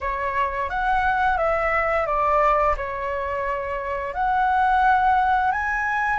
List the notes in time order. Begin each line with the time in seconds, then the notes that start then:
0.00 C#5
0.69 F#5
1.37 E5
2.06 D5
2.76 C#5
4.14 F#5
5.51 G#5